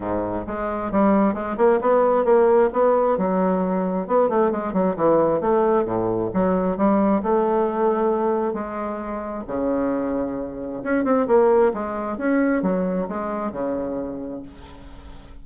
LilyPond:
\new Staff \with { instrumentName = "bassoon" } { \time 4/4 \tempo 4 = 133 gis,4 gis4 g4 gis8 ais8 | b4 ais4 b4 fis4~ | fis4 b8 a8 gis8 fis8 e4 | a4 a,4 fis4 g4 |
a2. gis4~ | gis4 cis2. | cis'8 c'8 ais4 gis4 cis'4 | fis4 gis4 cis2 | }